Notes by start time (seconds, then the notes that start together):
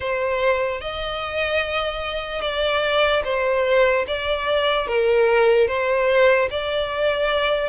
0.00 C5
0.81 D#5
2.41 D5
3.24 C5
4.07 D5
4.86 A#4
5.68 C5
6.50 D5